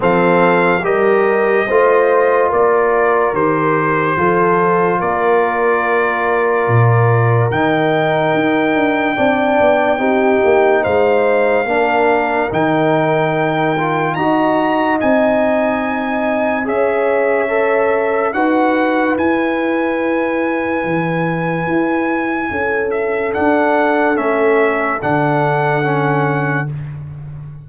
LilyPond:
<<
  \new Staff \with { instrumentName = "trumpet" } { \time 4/4 \tempo 4 = 72 f''4 dis''2 d''4 | c''2 d''2~ | d''4 g''2.~ | g''4 f''2 g''4~ |
g''4 ais''4 gis''2 | e''2 fis''4 gis''4~ | gis''2.~ gis''8 e''8 | fis''4 e''4 fis''2 | }
  \new Staff \with { instrumentName = "horn" } { \time 4/4 a'4 ais'4 c''4 ais'4~ | ais'4 a'4 ais'2~ | ais'2. d''4 | g'4 c''4 ais'2~ |
ais'4 dis''2. | cis''2 b'2~ | b'2. a'4~ | a'1 | }
  \new Staff \with { instrumentName = "trombone" } { \time 4/4 c'4 g'4 f'2 | g'4 f'2.~ | f'4 dis'2 d'4 | dis'2 d'4 dis'4~ |
dis'8 f'8 fis'4 dis'2 | gis'4 a'4 fis'4 e'4~ | e'1 | d'4 cis'4 d'4 cis'4 | }
  \new Staff \with { instrumentName = "tuba" } { \time 4/4 f4 g4 a4 ais4 | dis4 f4 ais2 | ais,4 dis4 dis'8 d'8 c'8 b8 | c'8 ais8 gis4 ais4 dis4~ |
dis4 dis'4 c'2 | cis'2 dis'4 e'4~ | e'4 e4 e'4 cis'4 | d'4 a4 d2 | }
>>